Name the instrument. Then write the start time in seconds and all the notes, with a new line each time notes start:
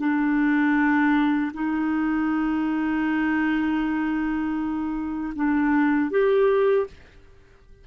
clarinet
0.00 D4
1.54 D#4
5.36 D4
6.11 G4